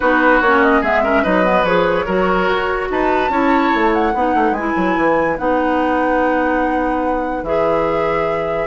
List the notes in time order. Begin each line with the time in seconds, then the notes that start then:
0.00 B3 D#4 F#4 B4
0.41 A#3 C#4 C#5
0.62 D#5
0.81 G#3 B3 G#4 E5
1.03 C#4 A#4
1.23 F#3 D#4 B4 D#5
1.44 B3
1.63 F3 G#4 C#5
2.05 F#3 F#4 A#4
2.48 F#4
2.90 D#4 B4 A5
3.29 C#4 E4 C#5
3.74 A3
3.93 F#5
4.13 B3 D#4 B4
4.34 A3
4.51 G#3 G#5
4.57 E4
4.76 F#3
4.97 E3
5.37 B3 D#4 F#5
7.42 E3 G#4 E5